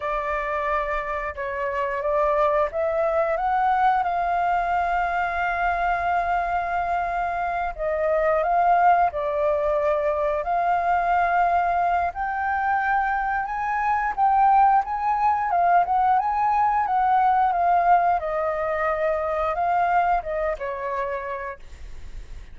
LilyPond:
\new Staff \with { instrumentName = "flute" } { \time 4/4 \tempo 4 = 89 d''2 cis''4 d''4 | e''4 fis''4 f''2~ | f''2.~ f''8 dis''8~ | dis''8 f''4 d''2 f''8~ |
f''2 g''2 | gis''4 g''4 gis''4 f''8 fis''8 | gis''4 fis''4 f''4 dis''4~ | dis''4 f''4 dis''8 cis''4. | }